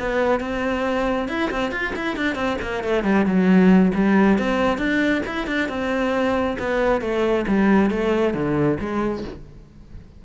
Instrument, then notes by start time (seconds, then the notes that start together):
cello
0.00 B3
0.40 C4
1.29 E4
1.51 C4
1.72 F4
1.96 E4
2.17 D4
2.35 C4
2.62 A#3
2.84 A3
3.04 G3
3.26 F#3
3.95 G3
4.39 C4
4.78 D4
5.26 E4
5.47 D4
5.69 C4
6.59 B3
7.01 A3
7.48 G3
7.91 A3
8.34 D3
8.80 G#3